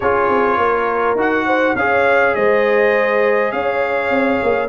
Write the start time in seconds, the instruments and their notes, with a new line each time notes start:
0.00 tuba C#4, trombone F4, horn G#4, trumpet C#5
0.28 tuba C4
0.57 tuba A#3, horn A#4
1.15 tuba D#4, trombone F#4, trumpet F#5
1.45 horn C5
1.75 tuba C#4, trombone G#4, horn C#5, trumpet F5
2.34 tuba G#3, horn C5, trumpet D#5
3.51 tuba C#4, horn C#5, trumpet F5
4.10 tuba C4
4.42 tuba A#3